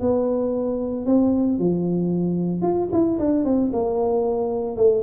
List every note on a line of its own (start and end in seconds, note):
0.00 1.06 B3
1.06 1.59 C4
1.59 2.62 F3
2.62 2.89 F4
2.92 3.19 E4
3.19 3.45 D4
3.45 3.71 C4
3.73 4.77 A#3
4.77 5.02 A3